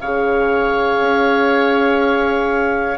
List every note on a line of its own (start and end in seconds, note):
0.00 1.00 C#3
0.00 2.98 G#4
0.00 2.98 C#5
0.00 2.98 F5
1.00 2.98 C#4